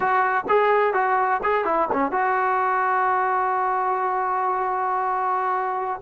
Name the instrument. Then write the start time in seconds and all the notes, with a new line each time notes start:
trombone
0.00 F#4
0.48 G#4
0.93 F#4
1.43 G#4
1.64 E4
1.92 C#4
2.11 F#4